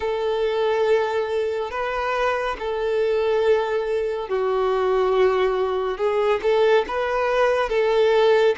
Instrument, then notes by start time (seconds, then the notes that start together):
violin
0.00 A4
1.70 B4
2.59 A4
4.29 F#4
5.97 G#4
6.42 A4
6.87 B4
7.69 A4